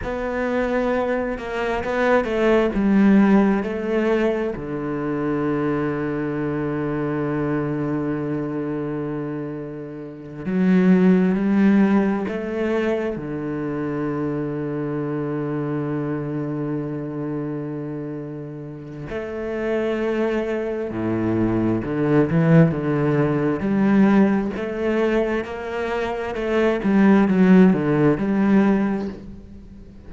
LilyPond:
\new Staff \with { instrumentName = "cello" } { \time 4/4 \tempo 4 = 66 b4. ais8 b8 a8 g4 | a4 d2.~ | d2.~ d8 fis8~ | fis8 g4 a4 d4.~ |
d1~ | d4 a2 a,4 | d8 e8 d4 g4 a4 | ais4 a8 g8 fis8 d8 g4 | }